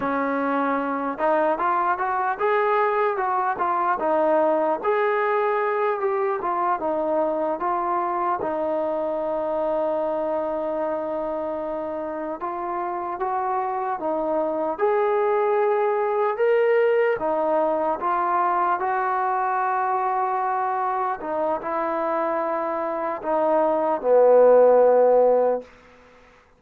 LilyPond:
\new Staff \with { instrumentName = "trombone" } { \time 4/4 \tempo 4 = 75 cis'4. dis'8 f'8 fis'8 gis'4 | fis'8 f'8 dis'4 gis'4. g'8 | f'8 dis'4 f'4 dis'4.~ | dis'2.~ dis'8 f'8~ |
f'8 fis'4 dis'4 gis'4.~ | gis'8 ais'4 dis'4 f'4 fis'8~ | fis'2~ fis'8 dis'8 e'4~ | e'4 dis'4 b2 | }